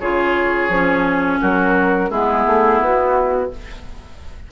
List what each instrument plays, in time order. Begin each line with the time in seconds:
0.00 bassoon C#3, clarinet F4, oboe G#4, flute C#5
0.69 bassoon F3, clarinet C#4
1.41 bassoon F#3, oboe F#4, flute A#4
2.10 bassoon G#3, clarinet B3, oboe E4, flute G#4
2.46 bassoon A3
2.81 bassoon B3, flute F#4